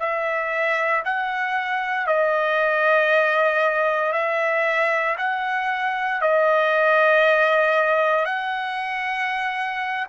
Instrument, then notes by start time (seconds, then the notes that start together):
trumpet
0.00 E5
1.05 F#5
2.07 D#5
4.13 E5
5.18 F#5
6.22 D#5
8.26 F#5